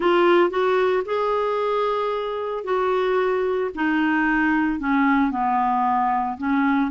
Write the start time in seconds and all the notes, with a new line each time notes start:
0.00 F4
0.50 F#4
1.05 G#4
2.64 F#4
3.74 D#4
4.79 C#4
5.30 B3
6.37 C#4